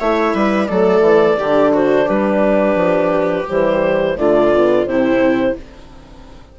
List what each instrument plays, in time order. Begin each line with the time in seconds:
0.00 bassoon A3, horn E4, viola C#5, clarinet E5
0.34 bassoon G3, viola B4
0.67 bassoon F#3, horn A3, viola A4, clarinet D5
1.01 bassoon E3
1.38 bassoon D3, horn D4, viola G4
1.73 viola F#4, clarinet C5
2.06 bassoon G3, viola G4, clarinet B4
2.76 bassoon F3
3.48 bassoon E3, horn G3, clarinet C5
4.17 bassoon D3, horn A3, viola F4, clarinet D5
4.54 horn B3
4.86 bassoon C3, horn C4, viola E4, clarinet C5